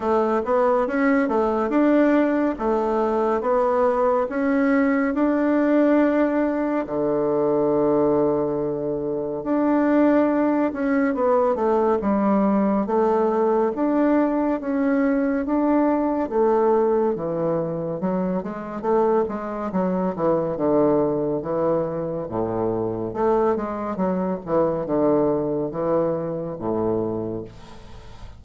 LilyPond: \new Staff \with { instrumentName = "bassoon" } { \time 4/4 \tempo 4 = 70 a8 b8 cis'8 a8 d'4 a4 | b4 cis'4 d'2 | d2. d'4~ | d'8 cis'8 b8 a8 g4 a4 |
d'4 cis'4 d'4 a4 | e4 fis8 gis8 a8 gis8 fis8 e8 | d4 e4 a,4 a8 gis8 | fis8 e8 d4 e4 a,4 | }